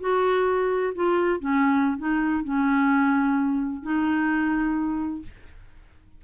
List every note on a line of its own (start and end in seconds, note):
0.00 0.93 F#4
0.95 1.40 F4
1.40 1.97 C#4
1.97 2.44 D#4
2.44 3.82 C#4
3.82 5.22 D#4